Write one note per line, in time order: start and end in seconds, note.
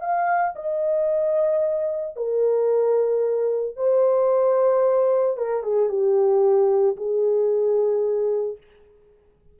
0.00 0.54 F5
0.55 2.16 D#5
2.16 3.76 A#4
3.76 5.36 C5
5.37 5.63 A#4
5.63 5.89 G#4
5.89 6.96 G4
6.96 8.57 G#4